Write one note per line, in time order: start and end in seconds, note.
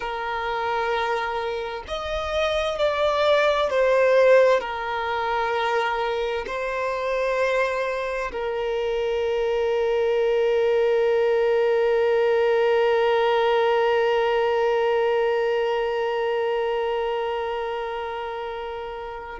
0.00 1.83 A#4
1.87 2.78 D#5
2.78 3.70 D5
3.70 4.60 C5
4.60 6.44 A#4
6.47 8.31 C5
8.32 19.39 A#4